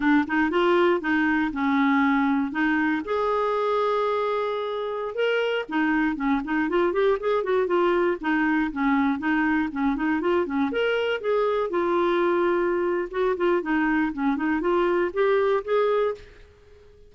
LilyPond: \new Staff \with { instrumentName = "clarinet" } { \time 4/4 \tempo 4 = 119 d'8 dis'8 f'4 dis'4 cis'4~ | cis'4 dis'4 gis'2~ | gis'2~ gis'16 ais'4 dis'8.~ | dis'16 cis'8 dis'8 f'8 g'8 gis'8 fis'8 f'8.~ |
f'16 dis'4 cis'4 dis'4 cis'8 dis'16~ | dis'16 f'8 cis'8 ais'4 gis'4 f'8.~ | f'2 fis'8 f'8 dis'4 | cis'8 dis'8 f'4 g'4 gis'4 | }